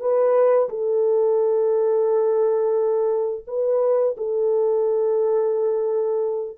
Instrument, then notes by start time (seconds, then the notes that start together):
horn
0.00 B4
0.70 A4
3.47 B4
4.18 A4